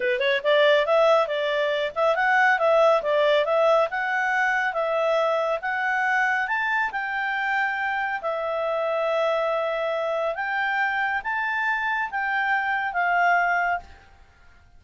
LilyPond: \new Staff \with { instrumentName = "clarinet" } { \time 4/4 \tempo 4 = 139 b'8 cis''8 d''4 e''4 d''4~ | d''8 e''8 fis''4 e''4 d''4 | e''4 fis''2 e''4~ | e''4 fis''2 a''4 |
g''2. e''4~ | e''1 | g''2 a''2 | g''2 f''2 | }